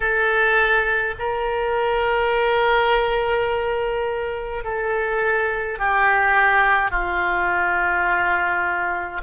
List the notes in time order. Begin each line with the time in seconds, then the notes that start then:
0.00 A4
1.19 A#4
4.64 A4
5.78 G4
6.90 F4